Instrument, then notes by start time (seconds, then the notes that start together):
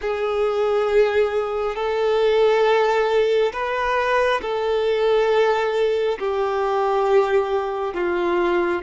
violin
0.01 G#4
1.75 A4
3.52 B4
4.41 A4
6.18 G4
7.94 F4